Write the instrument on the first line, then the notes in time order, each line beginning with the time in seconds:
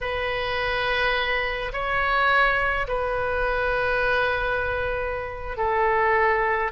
oboe
0.00 B4
1.72 C#5
2.87 B4
5.57 A4